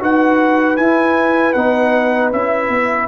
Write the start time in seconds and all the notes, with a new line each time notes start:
0.00 D#4 F#4 B4 F#5
0.77 E4 G#5
1.53 B3 D#4 F#5
2.33 C#4 E4 E5
2.69 B3